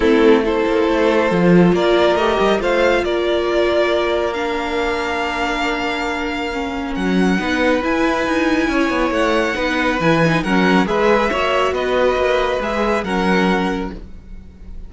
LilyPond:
<<
  \new Staff \with { instrumentName = "violin" } { \time 4/4 \tempo 4 = 138 a'4 c''2. | d''4 dis''4 f''4 d''4~ | d''2 f''2~ | f''1 |
fis''2 gis''2~ | gis''4 fis''2 gis''4 | fis''4 e''2 dis''4~ | dis''4 e''4 fis''2 | }
  \new Staff \with { instrumentName = "violin" } { \time 4/4 e'4 a'2. | ais'2 c''4 ais'4~ | ais'1~ | ais'1~ |
ais'4 b'2. | cis''2 b'2 | ais'4 b'4 cis''4 b'4~ | b'2 ais'2 | }
  \new Staff \with { instrumentName = "viola" } { \time 4/4 c'4 e'2 f'4~ | f'4 g'4 f'2~ | f'2 d'2~ | d'2. cis'4~ |
cis'4 dis'4 e'2~ | e'2 dis'4 e'8 dis'8 | cis'4 gis'4 fis'2~ | fis'4 gis'4 cis'2 | }
  \new Staff \with { instrumentName = "cello" } { \time 4/4 a4. ais8 a4 f4 | ais4 a8 g8 a4 ais4~ | ais1~ | ais1 |
fis4 b4 e'4 dis'4 | cis'8 b8 a4 b4 e4 | fis4 gis4 ais4 b4 | ais4 gis4 fis2 | }
>>